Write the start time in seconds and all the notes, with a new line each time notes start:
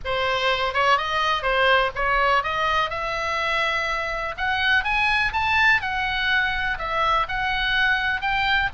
0.04 C5
0.73 C#5
0.97 D#5
1.42 C5
1.95 C#5
2.43 D#5
2.89 E5
4.37 F#5
4.83 G#5
5.32 A5
5.81 F#5
6.78 E5
7.28 F#5
8.21 G5